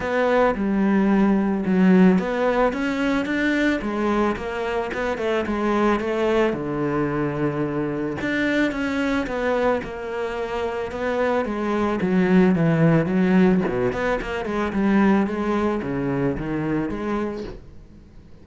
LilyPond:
\new Staff \with { instrumentName = "cello" } { \time 4/4 \tempo 4 = 110 b4 g2 fis4 | b4 cis'4 d'4 gis4 | ais4 b8 a8 gis4 a4 | d2. d'4 |
cis'4 b4 ais2 | b4 gis4 fis4 e4 | fis4 b,8 b8 ais8 gis8 g4 | gis4 cis4 dis4 gis4 | }